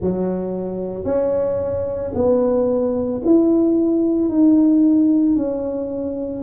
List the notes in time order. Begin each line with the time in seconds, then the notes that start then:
0.00 F#3
1.04 C#4
2.14 B3
3.25 E4
4.29 D#4
5.36 C#4